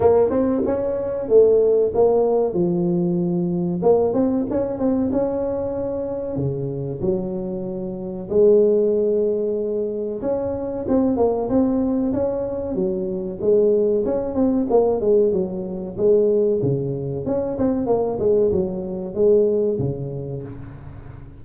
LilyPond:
\new Staff \with { instrumentName = "tuba" } { \time 4/4 \tempo 4 = 94 ais8 c'8 cis'4 a4 ais4 | f2 ais8 c'8 cis'8 c'8 | cis'2 cis4 fis4~ | fis4 gis2. |
cis'4 c'8 ais8 c'4 cis'4 | fis4 gis4 cis'8 c'8 ais8 gis8 | fis4 gis4 cis4 cis'8 c'8 | ais8 gis8 fis4 gis4 cis4 | }